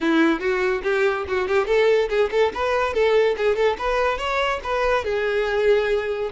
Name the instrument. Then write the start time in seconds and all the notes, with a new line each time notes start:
violin
0.01 E4
0.39 F#4
0.83 G4
1.28 F#4
1.48 G4
1.66 A4
2.09 G#4
2.31 A4
2.53 B4
2.93 A4
3.37 G#4
3.55 A4
3.78 B4
4.18 C#5
4.63 B4
5.04 G#4